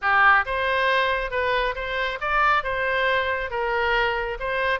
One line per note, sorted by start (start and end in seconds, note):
0.01 0.45 G4
0.45 1.30 C5
1.30 1.74 B4
1.75 2.19 C5
2.21 2.63 D5
2.63 3.50 C5
3.50 4.38 A#4
4.39 4.79 C5